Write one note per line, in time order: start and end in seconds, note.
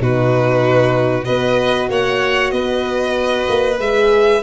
0.00 1.27 B2
0.00 1.24 D#4
0.00 1.26 F#4
0.00 1.25 B4
1.24 1.90 B3
1.24 3.76 F#4
1.24 1.89 B4
1.24 1.88 D#5
1.90 2.52 A#3
1.90 2.53 C#5
1.90 2.51 F#5
2.51 3.47 B3
2.51 4.43 B4
2.51 3.78 D#5
3.49 3.79 A#3
3.79 4.43 G#3
3.79 4.43 G#4
3.79 4.44 E5